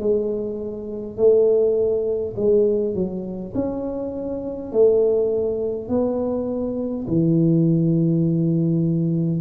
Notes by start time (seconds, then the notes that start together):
0.00 G#3
1.17 A3
2.36 G#3
2.95 F#3
3.55 C#4
4.72 A3
5.89 B3
7.07 E3